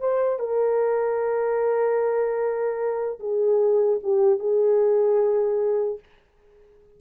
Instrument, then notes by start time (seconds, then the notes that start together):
horn
0.00 C5
0.39 A#4
3.19 G#4
4.03 G4
4.39 G#4